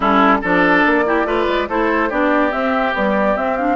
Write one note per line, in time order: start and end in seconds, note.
0.00 0.41 G3
0.00 0.42 C#4
0.00 0.37 E4
0.00 0.42 A4
0.41 0.85 F3
0.41 1.05 D4
0.41 1.04 A4
0.41 1.69 D5
0.85 1.24 A#3
1.05 1.26 E4
1.05 1.26 G4
1.24 1.45 A3
1.24 1.68 F4
1.24 1.68 B4
1.47 1.68 G#3
1.68 2.10 A3
1.68 2.10 E4
1.68 2.09 A4
1.68 2.10 C5
2.09 2.52 B3
2.09 2.51 D4
2.09 3.76 G4
2.09 2.52 D5
2.51 2.92 C4
2.51 2.93 C4
2.51 2.94 E5
2.93 3.35 G3
2.93 3.35 B3
2.93 3.37 D5
3.35 3.56 C4
3.35 3.76 C4
3.35 3.57 E5
3.57 3.76 D4
3.57 3.76 F5